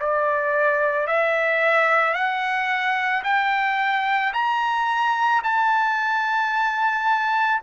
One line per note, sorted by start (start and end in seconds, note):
0.00 1.08 D5
1.08 2.14 E5
2.14 3.23 F#5
3.24 4.33 G5
4.34 5.43 A#5
5.44 7.62 A5